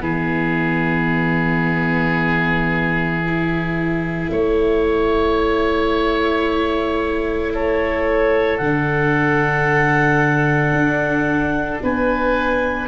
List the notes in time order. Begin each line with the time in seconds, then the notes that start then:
0.00 E3 B3 G#4 E5
3.26 E4
4.32 A3 C#5
7.54 A4 C#5
8.58 D3 D4 F#5
10.72 D4
11.83 B3 B4 G#5